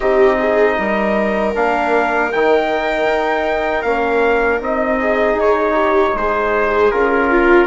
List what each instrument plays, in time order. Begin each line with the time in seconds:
0.00 bassoon C4, trombone D#4, viola G4, trumpet D#5
0.38 viola G#4
0.78 bassoon G3, viola A#4
1.54 bassoon A#3, trombone D4, trumpet F5
2.31 bassoon D#3, trombone D#4, trumpet G5
3.05 bassoon D#4
3.82 bassoon A#3, trombone C#4, trumpet F5
4.60 bassoon C4, trombone D#4, trumpet D#5
4.99 viola G#4
5.34 bassoon D#4
5.40 trumpet C#5
5.74 viola G4
6.14 bassoon G#3, viola G#4, trumpet C5
6.91 bassoon C#4, trombone F4, trumpet A#4
7.31 viola F4